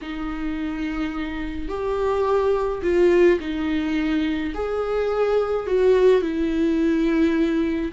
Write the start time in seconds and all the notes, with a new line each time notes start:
0.01 D#4
1.68 G4
2.82 F4
3.40 D#4
4.54 G#4
5.66 F#4
6.21 E4